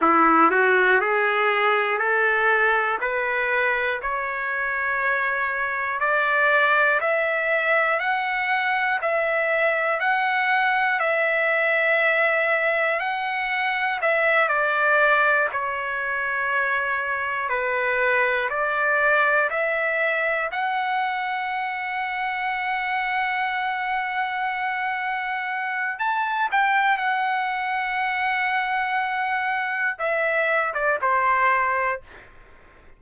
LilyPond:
\new Staff \with { instrumentName = "trumpet" } { \time 4/4 \tempo 4 = 60 e'8 fis'8 gis'4 a'4 b'4 | cis''2 d''4 e''4 | fis''4 e''4 fis''4 e''4~ | e''4 fis''4 e''8 d''4 cis''8~ |
cis''4. b'4 d''4 e''8~ | e''8 fis''2.~ fis''8~ | fis''2 a''8 g''8 fis''4~ | fis''2 e''8. d''16 c''4 | }